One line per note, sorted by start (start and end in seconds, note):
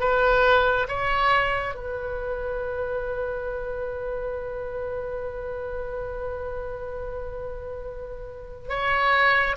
0.00 0.87 B4
0.88 1.75 C#5
1.75 8.69 B4
8.69 9.56 C#5